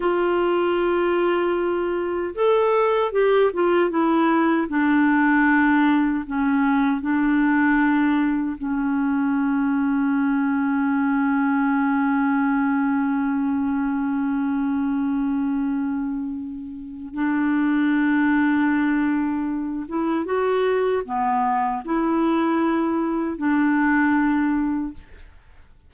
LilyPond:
\new Staff \with { instrumentName = "clarinet" } { \time 4/4 \tempo 4 = 77 f'2. a'4 | g'8 f'8 e'4 d'2 | cis'4 d'2 cis'4~ | cis'1~ |
cis'1~ | cis'2 d'2~ | d'4. e'8 fis'4 b4 | e'2 d'2 | }